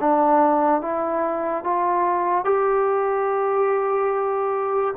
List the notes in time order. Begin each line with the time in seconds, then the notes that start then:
0.00 D4
0.81 E4
1.64 F4
2.44 G4